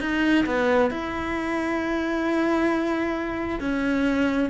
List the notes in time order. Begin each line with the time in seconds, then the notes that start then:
0.00 D#4
0.46 B3
0.90 E4
3.60 C#4